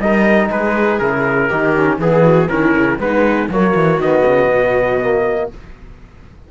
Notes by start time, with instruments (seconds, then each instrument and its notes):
0.00 cello G3, trombone D#4, viola A#4, trumpet D#5
0.49 cello G#3, viola G#4, trumpet B4
1.00 cello C#3, trombone E4, trumpet A#4
1.49 cello D#3, trombone D#4, viola G4
1.76 trombone C#4
1.99 cello E3, trombone B3, trumpet G#4, viola G#4
2.24 viola F#4
2.49 cello D#3, trombone C#4, viola E4, trumpet A#4
2.77 cello C#3
2.99 cello G#3, trombone B3, viola D#4, trumpet B4
3.49 cello F#3, trombone A#3, viola F#4, trumpet C#5
3.76 cello E3
3.99 cello D#3, trombone B3, trumpet D#5
4.26 cello C#3
4.48 cello B2
5.01 trombone A#3